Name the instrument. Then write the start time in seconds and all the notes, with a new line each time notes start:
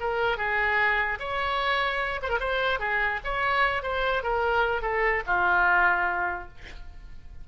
oboe
0.00 A#4
0.37 G#4
1.19 C#5
2.22 C5
2.29 A#4
2.40 C5
2.79 G#4
3.24 C#5
3.82 C5
4.23 A#4
4.82 A4
5.26 F4